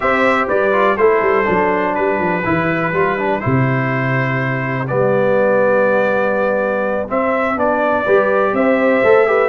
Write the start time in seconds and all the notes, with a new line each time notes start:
0.00 C4 G4 C5 E5
0.47 G3 B4 D5
0.72 F4
0.97 A3 E4 A4 C5
1.21 G3
1.45 F#3 D4
1.93 G3 G4 B4
2.19 F3
2.44 E3 E4
2.92 G3 F4
3.18 D4
3.40 C3 E4 C5
4.87 G3 B3 D5
7.08 C4 E5
7.55 B3 D4 D5
8.04 G3 G4 B4
8.53 C4 C5 E5
9.03 A3 A4
9.26 G4 B4